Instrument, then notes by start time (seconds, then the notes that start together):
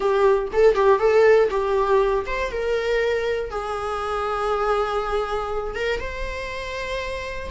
viola
0.00 G4
0.52 A4
0.75 G4
0.99 A4
1.50 G4
2.26 C5
2.51 A#4
3.50 G#4
5.75 A#4
6.00 C5